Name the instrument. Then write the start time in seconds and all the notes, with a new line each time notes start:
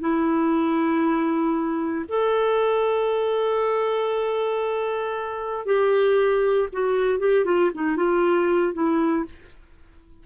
clarinet
0.00 E4
2.08 A4
5.66 G4
6.72 F#4
7.19 G4
7.45 F4
7.74 D#4
7.97 F4
8.73 E4